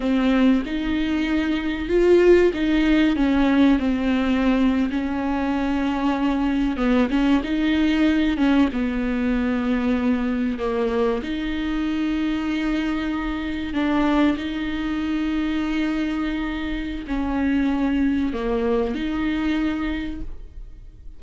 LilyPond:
\new Staff \with { instrumentName = "viola" } { \time 4/4 \tempo 4 = 95 c'4 dis'2 f'4 | dis'4 cis'4 c'4.~ c'16 cis'16~ | cis'2~ cis'8. b8 cis'8 dis'16~ | dis'4~ dis'16 cis'8 b2~ b16~ |
b8. ais4 dis'2~ dis'16~ | dis'4.~ dis'16 d'4 dis'4~ dis'16~ | dis'2. cis'4~ | cis'4 ais4 dis'2 | }